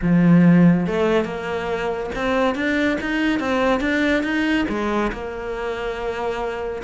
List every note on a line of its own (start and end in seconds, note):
0.02 0.86 F3
0.86 1.25 A3
1.25 2.10 A#3
2.15 2.55 C4
2.55 2.97 D4
3.01 3.39 D#4
3.39 3.80 C4
3.80 4.23 D4
4.23 4.65 D#4
4.68 5.11 G#3
5.12 6.82 A#3